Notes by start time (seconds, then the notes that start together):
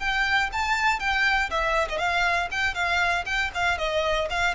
0.00 G5
0.53 A5
1.00 G5
1.51 E5
1.90 D#5
1.99 F5
2.52 G5
2.75 F5
3.26 G5
3.55 F5
3.78 D#5
4.31 F5